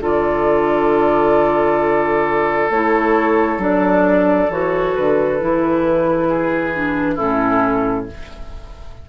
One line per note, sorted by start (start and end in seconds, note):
0.00 2.69 D3
0.00 2.71 F4
0.00 6.29 A4
0.00 2.71 D5
2.70 3.58 A3
2.70 3.60 E4
2.70 3.61 C#5
3.58 4.48 F#3
3.58 4.49 D4
3.58 4.51 D5
4.49 4.94 E3
4.49 5.40 F#4
4.49 4.96 C#5
4.96 5.42 D3
4.96 7.17 B4
5.40 7.20 E3
5.40 6.75 E4
6.29 7.15 G#4
6.75 7.18 D4
7.15 8.09 A2
7.15 8.07 C#4
7.15 8.05 E4
7.15 8.06 A4